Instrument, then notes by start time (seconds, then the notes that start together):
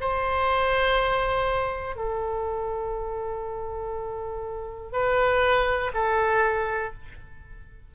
oboe
0.00 C5
1.95 A4
4.92 B4
5.94 A4